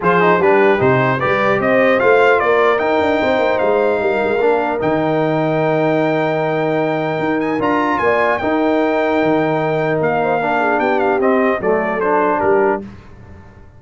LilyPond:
<<
  \new Staff \with { instrumentName = "trumpet" } { \time 4/4 \tempo 4 = 150 c''4 b'4 c''4 d''4 | dis''4 f''4 d''4 g''4~ | g''4 f''2. | g''1~ |
g''2~ g''8 gis''8 ais''4 | gis''4 g''2.~ | g''4 f''2 g''8 f''8 | dis''4 d''4 c''4 ais'4 | }
  \new Staff \with { instrumentName = "horn" } { \time 4/4 gis'4 g'2 b'4 | c''2 ais'2 | c''2 ais'2~ | ais'1~ |
ais'1 | d''4 ais'2.~ | ais'4. c''8 ais'8 gis'8 g'4~ | g'4 a'2 g'4 | }
  \new Staff \with { instrumentName = "trombone" } { \time 4/4 f'8 dis'8 d'4 dis'4 g'4~ | g'4 f'2 dis'4~ | dis'2. d'4 | dis'1~ |
dis'2. f'4~ | f'4 dis'2.~ | dis'2 d'2 | c'4 a4 d'2 | }
  \new Staff \with { instrumentName = "tuba" } { \time 4/4 f4 g4 c4 g4 | c'4 a4 ais4 dis'8 d'8 | c'8 ais8 gis4 g8 gis8 ais4 | dis1~ |
dis2 dis'4 d'4 | ais4 dis'2 dis4~ | dis4 ais2 b4 | c'4 fis2 g4 | }
>>